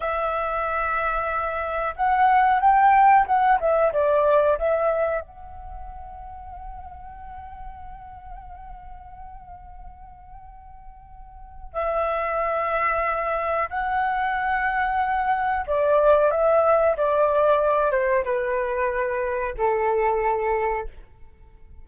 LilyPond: \new Staff \with { instrumentName = "flute" } { \time 4/4 \tempo 4 = 92 e''2. fis''4 | g''4 fis''8 e''8 d''4 e''4 | fis''1~ | fis''1~ |
fis''2 e''2~ | e''4 fis''2. | d''4 e''4 d''4. c''8 | b'2 a'2 | }